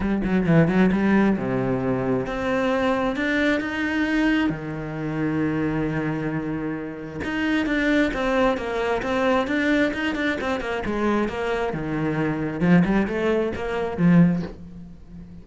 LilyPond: \new Staff \with { instrumentName = "cello" } { \time 4/4 \tempo 4 = 133 g8 fis8 e8 fis8 g4 c4~ | c4 c'2 d'4 | dis'2 dis2~ | dis1 |
dis'4 d'4 c'4 ais4 | c'4 d'4 dis'8 d'8 c'8 ais8 | gis4 ais4 dis2 | f8 g8 a4 ais4 f4 | }